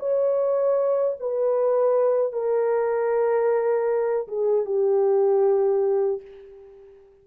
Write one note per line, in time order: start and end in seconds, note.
0.00 1.17 C#5
1.20 2.33 B4
2.33 4.28 A#4
4.28 4.66 G#4
4.66 6.22 G4